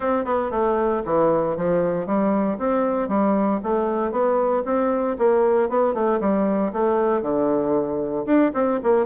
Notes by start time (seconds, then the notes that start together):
0.00 C4
0.24 B3
0.50 A3
1.05 E3
1.56 F3
2.06 G3
2.58 C4
3.08 G3
3.63 A3
4.11 B3
4.65 C4
5.18 A#3
5.69 B3
5.93 A3
6.20 G3
6.72 A3
7.22 D3
8.25 D4
8.54 C4
8.83 A#3